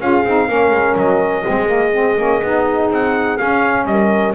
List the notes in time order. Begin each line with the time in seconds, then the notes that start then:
0.00 C#4 F4 G#4 F5
0.25 C4 D#4
0.48 A#3 C#4 A#4
0.71 G#3
0.96 F#3 D#5
1.44 G#3 C4 G#4
1.67 A#3
1.93 C4
2.17 A#3 C#4
2.43 B3 D#4
2.90 C4 F#5
3.38 C#4 F5
3.85 G3 A#4 D#5